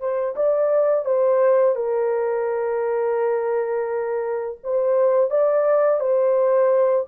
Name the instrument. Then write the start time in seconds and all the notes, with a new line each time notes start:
horn
0.00 C5
0.36 D5
1.05 C5
1.76 A#4
4.64 C5
5.30 D5
6.00 C5